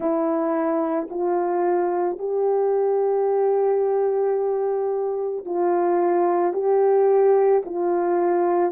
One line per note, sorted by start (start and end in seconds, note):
0.00 1.08 E4
1.10 2.18 F4
2.18 5.45 G4
5.45 6.53 F4
6.53 7.62 G4
7.65 8.71 F4